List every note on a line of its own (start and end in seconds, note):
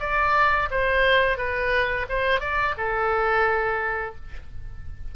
0.00 0.69 D5
0.71 1.38 C5
1.38 2.07 B4
2.09 2.40 C5
2.40 2.75 D5
2.78 4.16 A4